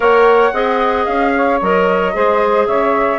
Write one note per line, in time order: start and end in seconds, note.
0.00 0.51 A#3
0.00 0.52 A#4
0.00 0.53 C#5
0.00 1.05 F#5
0.53 1.06 C4
0.53 1.60 G#4
0.53 1.33 D#5
1.05 1.60 C#4
1.05 1.59 F5
1.36 2.14 C#5
1.61 2.15 F#3
1.61 2.13 A#4
1.61 2.66 D#5
2.13 2.67 G#3
2.13 3.18 G#4
2.13 2.67 C5
2.66 3.18 C#3
2.66 3.18 C#5
2.66 3.18 E5